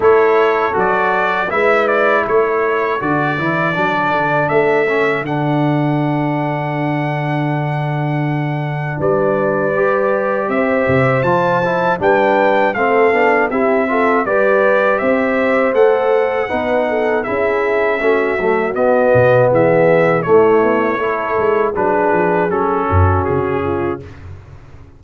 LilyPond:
<<
  \new Staff \with { instrumentName = "trumpet" } { \time 4/4 \tempo 4 = 80 cis''4 d''4 e''8 d''8 cis''4 | d''2 e''4 fis''4~ | fis''1 | d''2 e''4 a''4 |
g''4 f''4 e''4 d''4 | e''4 fis''2 e''4~ | e''4 dis''4 e''4 cis''4~ | cis''4 b'4 a'4 gis'4 | }
  \new Staff \with { instrumentName = "horn" } { \time 4/4 a'2 b'4 a'4~ | a'1~ | a'1 | b'2 c''2 |
b'4 a'4 g'8 a'8 b'4 | c''2 b'8 a'8 gis'4 | fis'2 gis'4 e'4 | a'4 gis'4. fis'4 f'8 | }
  \new Staff \with { instrumentName = "trombone" } { \time 4/4 e'4 fis'4 e'2 | fis'8 e'8 d'4. cis'8 d'4~ | d'1~ | d'4 g'2 f'8 e'8 |
d'4 c'8 d'8 e'8 f'8 g'4~ | g'4 a'4 dis'4 e'4 | cis'8 a8 b2 a4 | e'4 d'4 cis'2 | }
  \new Staff \with { instrumentName = "tuba" } { \time 4/4 a4 fis4 gis4 a4 | d8 e8 fis8 d8 a4 d4~ | d1 | g2 c'8 c8 f4 |
g4 a8 b8 c'4 g4 | c'4 a4 b4 cis'4 | a8 fis8 b8 b,8 e4 a8 b8 | a8 gis8 fis8 f8 fis8 fis,8 cis4 | }
>>